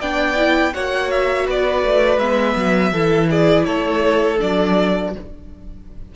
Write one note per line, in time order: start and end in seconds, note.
0.00 0.74 B3
0.00 0.36 D4
0.00 0.73 D5
0.00 0.74 G5
0.36 0.73 E4
0.74 1.48 A#3
0.74 2.21 F#4
0.74 1.47 C#5
0.74 1.11 F#5
1.11 1.47 E5
1.47 1.83 B3
1.47 2.92 B4
1.47 2.19 D5
1.83 2.18 A3
2.18 2.55 G#3
2.18 2.94 B3
2.18 3.29 E5
2.56 2.92 F#3
2.92 3.65 E3
2.92 4.38 E4
2.92 3.28 A4
3.31 3.67 G#4
3.31 3.65 D5
3.65 4.40 A3
3.65 5.13 A4
3.65 4.38 C#5
4.38 5.16 F#3
4.38 5.11 D4
4.38 5.14 D5